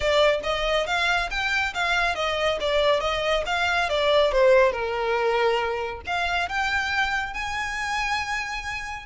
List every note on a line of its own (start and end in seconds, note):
0.00 0.40 D5
0.43 0.86 D#5
0.86 1.29 F5
1.30 1.73 G5
1.73 2.15 F5
2.15 2.58 D#5
2.60 3.00 D5
3.00 3.43 D#5
3.46 3.89 F5
3.89 4.32 D5
4.32 4.71 C5
4.71 6.01 A#4
6.06 6.48 F5
6.48 7.33 G5
7.33 9.05 G#5